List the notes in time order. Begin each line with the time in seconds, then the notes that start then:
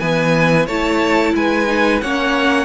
0.00 E3 B3 B4 G#5
0.67 A3 E4 C#5 A5
1.35 G#3 B4 G#5
1.67 D#4
2.01 A#3 C#4 C#5 F#5